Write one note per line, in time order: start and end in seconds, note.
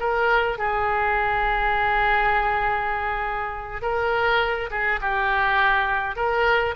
0.00 0.58 A#4
0.58 3.82 G#4
3.82 4.70 A#4
4.71 5.00 G#4
5.01 6.16 G4
6.16 6.75 A#4